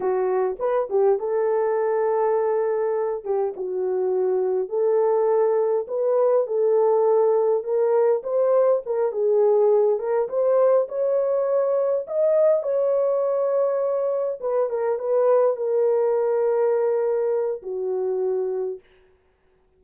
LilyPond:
\new Staff \with { instrumentName = "horn" } { \time 4/4 \tempo 4 = 102 fis'4 b'8 g'8 a'2~ | a'4. g'8 fis'2 | a'2 b'4 a'4~ | a'4 ais'4 c''4 ais'8 gis'8~ |
gis'4 ais'8 c''4 cis''4.~ | cis''8 dis''4 cis''2~ cis''8~ | cis''8 b'8 ais'8 b'4 ais'4.~ | ais'2 fis'2 | }